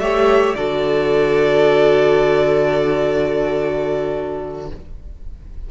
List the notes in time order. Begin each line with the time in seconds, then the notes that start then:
0.00 A3 G4 C#5 E5
0.55 D3 F#4 A4 D5